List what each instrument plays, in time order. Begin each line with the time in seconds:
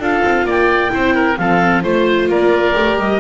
0.00 double bass D4, viola F4, oboe A4, clarinet F5
0.25 double bass C4
0.45 double bass A#3, oboe D5, clarinet G5
0.90 double bass C4, viola E4, oboe C5
1.15 oboe A#4
1.38 double bass F3, viola C4, oboe A4, clarinet F5
1.83 double bass A3, viola F4, oboe C5, clarinet C5
2.28 double bass A#3, oboe A#4, clarinet D5
2.74 double bass A3, viola G4
2.97 double bass G3, clarinet D#5